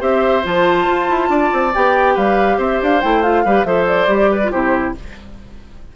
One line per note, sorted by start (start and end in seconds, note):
0.00 0.44 C4
0.00 0.43 G4
0.00 1.29 C5
0.00 0.45 E5
0.43 0.87 F3
0.43 1.72 F4
0.43 1.74 A5
0.87 1.08 F4
1.09 1.29 E4
1.29 1.50 D4
1.29 2.14 D5
1.53 1.74 C4
1.74 2.17 B3
1.74 3.02 G4
1.74 2.17 G5
2.14 2.58 G3
2.14 2.57 B4
2.14 2.59 F5
2.58 2.79 C4
2.58 3.44 C5
2.58 2.82 E5
2.82 3.04 D4
2.82 3.01 F5
3.01 3.45 A3
3.01 3.23 E4
3.01 3.23 G5
3.23 3.45 F4
3.23 3.65 F5
3.45 3.64 G3
3.45 3.66 G4
3.45 3.67 B4
3.64 4.07 F3
3.64 4.08 A4
3.64 4.31 C5
3.64 3.86 E5
3.87 4.51 D5
4.07 4.50 G3
4.07 4.40 G4
4.31 4.51 B4
4.44 4.52 F4
4.51 4.96 C3
4.51 4.95 E4
4.51 4.94 G4
4.51 4.94 C5